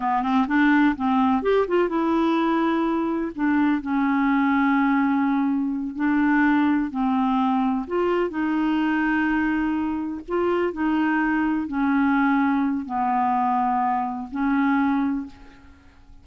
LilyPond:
\new Staff \with { instrumentName = "clarinet" } { \time 4/4 \tempo 4 = 126 b8 c'8 d'4 c'4 g'8 f'8 | e'2. d'4 | cis'1~ | cis'8 d'2 c'4.~ |
c'8 f'4 dis'2~ dis'8~ | dis'4. f'4 dis'4.~ | dis'8 cis'2~ cis'8 b4~ | b2 cis'2 | }